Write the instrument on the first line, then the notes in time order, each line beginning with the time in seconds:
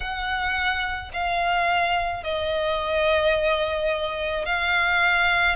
violin
0.00 F#5
1.13 F5
2.23 D#5
4.45 F5